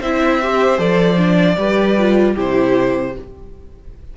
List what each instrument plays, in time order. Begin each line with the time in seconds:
0.00 cello C4, viola E4, violin C5 E5
0.42 viola G4
0.78 cello F3, viola A4, violin D5
1.17 viola D4
1.58 cello G3, viola G4, violin B4
1.98 viola F4
2.34 cello C3, viola E4, violin G4 C5